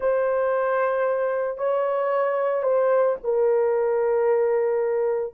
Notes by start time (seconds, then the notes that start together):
0.00 C5
1.57 C#5
2.62 C5
3.23 A#4